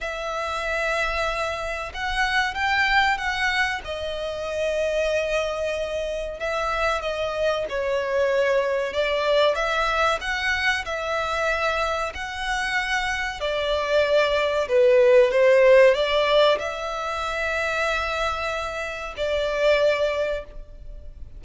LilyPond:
\new Staff \with { instrumentName = "violin" } { \time 4/4 \tempo 4 = 94 e''2. fis''4 | g''4 fis''4 dis''2~ | dis''2 e''4 dis''4 | cis''2 d''4 e''4 |
fis''4 e''2 fis''4~ | fis''4 d''2 b'4 | c''4 d''4 e''2~ | e''2 d''2 | }